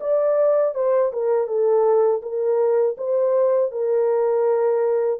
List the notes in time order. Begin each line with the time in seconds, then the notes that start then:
0.00 D5
0.74 C5
1.12 A#4
1.47 A4
2.22 A#4
2.97 C5
3.71 A#4